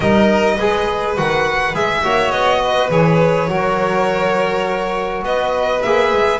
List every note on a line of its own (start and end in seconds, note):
0.00 0.58 G3
0.00 0.59 D#4
0.00 0.54 A#4
0.00 1.14 D#5
0.54 1.17 G#3
0.54 1.16 G#4
0.54 2.00 B4
1.16 1.74 D#3
1.16 1.74 F#4
1.16 1.75 F#5
1.74 2.03 G#3
1.74 2.03 G#4
1.74 2.31 E5
2.03 2.31 A#3
2.03 2.91 F#4
2.03 2.62 C#5
2.31 2.89 B3
2.31 2.89 D#5
2.63 3.49 B4
2.90 3.48 E3
2.90 3.49 G#4
2.90 5.24 C#5
3.48 5.22 F#3
3.48 5.82 F#4
3.48 5.24 A#4
5.22 5.81 B3
5.22 6.39 B4
5.22 5.82 D#5
5.82 6.12 A#3
5.82 6.39 G#4
5.82 6.39 E5
6.12 6.39 G#3